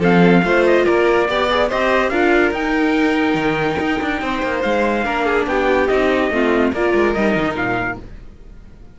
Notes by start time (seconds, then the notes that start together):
0.00 F3 C4 A4 F5
0.44 A3 F4 C5
0.67 D#5
0.85 A#3 A#4 D5
1.29 B3 G4 D5
1.51 G#4
1.69 C4 G4 C5 D#5
2.10 D4 F4 A#4 F5
2.52 D#4 G5
3.35 D#3
3.79 D#4
4.02 D4
4.22 C4 C5
4.43 A#3
4.62 G#3 F5
5.05 A#3 D4 A#4
5.26 G#4
5.47 B3 G4 G5
5.88 C4 D#4 D#5
6.31 A3 C4 F4
6.73 A#3 F4 A#4 D5
6.95 G#3
7.14 G3 D#4 D#5
7.36 D#3
7.55 A#2 F5